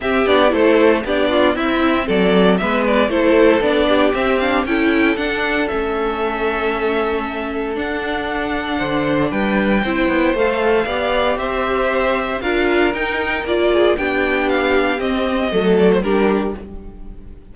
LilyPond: <<
  \new Staff \with { instrumentName = "violin" } { \time 4/4 \tempo 4 = 116 e''8 d''8 c''4 d''4 e''4 | d''4 e''8 d''8 c''4 d''4 | e''8 f''8 g''4 fis''4 e''4~ | e''2. fis''4~ |
fis''2 g''2 | f''2 e''2 | f''4 g''4 d''4 g''4 | f''4 dis''4. d''16 c''16 ais'4 | }
  \new Staff \with { instrumentName = "violin" } { \time 4/4 g'4 a'4 g'8 f'8 e'4 | a'4 b'4 a'4. g'8~ | g'4 a'2.~ | a'1~ |
a'4 c''4 b'4 c''4~ | c''4 d''4 c''2 | ais'2~ ais'8 gis'8 g'4~ | g'2 a'4 g'4 | }
  \new Staff \with { instrumentName = "viola" } { \time 4/4 c'8 d'8 e'4 d'4 c'4~ | c'4 b4 e'4 d'4 | c'8 d'8 e'4 d'4 cis'4~ | cis'2. d'4~ |
d'2. e'4 | a'4 g'2. | f'4 dis'4 f'4 d'4~ | d'4 c'4 a4 d'4 | }
  \new Staff \with { instrumentName = "cello" } { \time 4/4 c'8 b8 a4 b4 c'4 | fis4 gis4 a4 b4 | c'4 cis'4 d'4 a4~ | a2. d'4~ |
d'4 d4 g4 c'8 b8 | a4 b4 c'2 | d'4 dis'4 ais4 b4~ | b4 c'4 fis4 g4 | }
>>